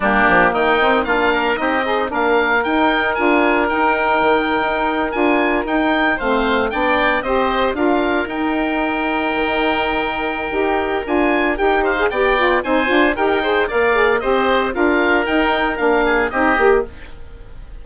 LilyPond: <<
  \new Staff \with { instrumentName = "oboe" } { \time 4/4 \tempo 4 = 114 g'4 g''4 f''4 dis''4 | f''4 g''4 gis''4 g''4~ | g''4.~ g''16 gis''4 g''4 f''16~ | f''8. g''4 dis''4 f''4 g''16~ |
g''1~ | g''4 gis''4 g''8 f''8 g''4 | gis''4 g''4 f''4 dis''4 | f''4 g''4 f''4 dis''4 | }
  \new Staff \with { instrumentName = "oboe" } { \time 4/4 d'4 dis'4 f'8 ais'8 g'8 dis'8 | ais'1~ | ais'2.~ ais'8. c''16~ | c''8. d''4 c''4 ais'4~ ais'16~ |
ais'1~ | ais'2~ ais'8 c''8 d''4 | c''4 ais'8 c''8 d''4 c''4 | ais'2~ ais'8 gis'8 g'4 | }
  \new Staff \with { instrumentName = "saxophone" } { \time 4/4 ais4. c'8 d'4 dis'8 gis'8 | d'4 dis'4 f'4 dis'4~ | dis'4.~ dis'16 f'4 dis'4 c'16~ | c'8. d'4 g'4 f'4 dis'16~ |
dis'1 | g'4 f'4 g'8. gis'16 g'8 f'8 | dis'8 f'8 g'8 gis'8 ais'8 gis'8 g'4 | f'4 dis'4 d'4 dis'8 g'8 | }
  \new Staff \with { instrumentName = "bassoon" } { \time 4/4 g8 f8 dis4 ais4 c'4 | ais4 dis'4 d'4 dis'4 | dis8. dis'4 d'4 dis'4 a16~ | a8. b4 c'4 d'4 dis'16~ |
dis'4.~ dis'16 dis2~ dis16 | dis'4 d'4 dis'4 b4 | c'8 d'8 dis'4 ais4 c'4 | d'4 dis'4 ais4 c'8 ais8 | }
>>